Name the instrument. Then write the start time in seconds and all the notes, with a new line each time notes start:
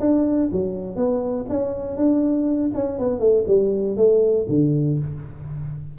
tuba
0.00 D4
0.52 F#3
0.96 B3
1.49 C#4
1.97 D4
2.74 C#4
2.99 B3
3.20 A3
3.47 G3
3.97 A3
4.49 D3